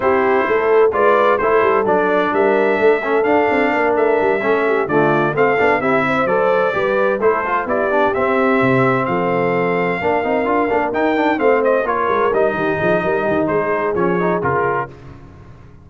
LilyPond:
<<
  \new Staff \with { instrumentName = "trumpet" } { \time 4/4 \tempo 4 = 129 c''2 d''4 c''4 | d''4 e''2 f''4~ | f''8 e''2 d''4 f''8~ | f''8 e''4 d''2 c''8~ |
c''8 d''4 e''2 f''8~ | f''2.~ f''8 g''8~ | g''8 f''8 dis''8 cis''4 dis''4.~ | dis''4 c''4 cis''4 ais'4 | }
  \new Staff \with { instrumentName = "horn" } { \time 4/4 g'4 a'4 b'4 a'4~ | a'4 ais'4 a'2 | ais'4. a'8 g'8 f'4 a'8~ | a'8 g'8 c''4. b'4 a'8~ |
a'8 g'2. a'8~ | a'4. ais'2~ ais'8~ | ais'8 c''4 ais'4. g'8 gis'8 | ais'8 g'8 gis'2. | }
  \new Staff \with { instrumentName = "trombone" } { \time 4/4 e'2 f'4 e'4 | d'2~ d'8 cis'8 d'4~ | d'4. cis'4 a4 c'8 | d'8 e'4 a'4 g'4 e'8 |
f'8 e'8 d'8 c'2~ c'8~ | c'4. d'8 dis'8 f'8 d'8 dis'8 | d'8 c'4 f'4 dis'4.~ | dis'2 cis'8 dis'8 f'4 | }
  \new Staff \with { instrumentName = "tuba" } { \time 4/4 c'4 a4 gis4 a8 g8 | fis4 g4 a4 d'8 c'8 | ais8 a8 g8 a4 d4 a8 | b8 c'4 fis4 g4 a8~ |
a8 b4 c'4 c4 f8~ | f4. ais8 c'8 d'8 ais8 dis'8~ | dis'8 a4 ais8 gis8 g8 dis8 f8 | g8 dis8 gis4 f4 cis4 | }
>>